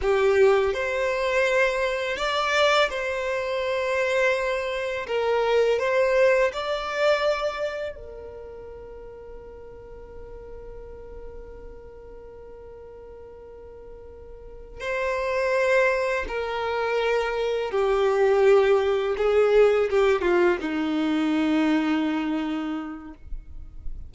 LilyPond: \new Staff \with { instrumentName = "violin" } { \time 4/4 \tempo 4 = 83 g'4 c''2 d''4 | c''2. ais'4 | c''4 d''2 ais'4~ | ais'1~ |
ais'1~ | ais'8 c''2 ais'4.~ | ais'8 g'2 gis'4 g'8 | f'8 dis'2.~ dis'8 | }